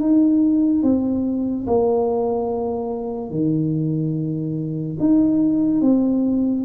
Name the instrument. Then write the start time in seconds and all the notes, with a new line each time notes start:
tuba
0.00 D#4
0.83 C4
1.67 A#3
3.30 D#3
5.00 D#4
5.81 C4